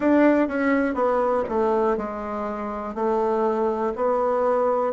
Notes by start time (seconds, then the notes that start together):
0.00 D4
0.47 C#4
0.94 B3
1.48 A3
1.97 G#3
2.94 A3
3.95 B3